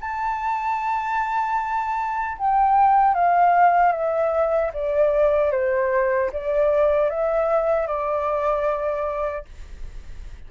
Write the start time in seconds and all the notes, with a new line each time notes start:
0.00 A5
2.37 G5
3.14 F5
3.92 E5
4.73 D5
5.51 C5
6.32 D5
7.09 E5
7.87 D5